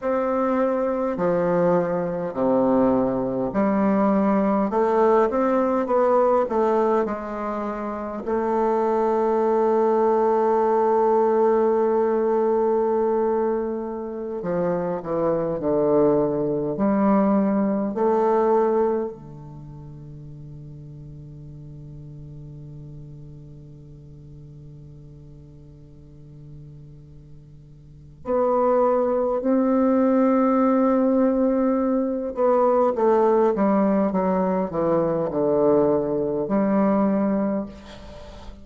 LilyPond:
\new Staff \with { instrumentName = "bassoon" } { \time 4/4 \tempo 4 = 51 c'4 f4 c4 g4 | a8 c'8 b8 a8 gis4 a4~ | a1~ | a16 f8 e8 d4 g4 a8.~ |
a16 d2.~ d8.~ | d1 | b4 c'2~ c'8 b8 | a8 g8 fis8 e8 d4 g4 | }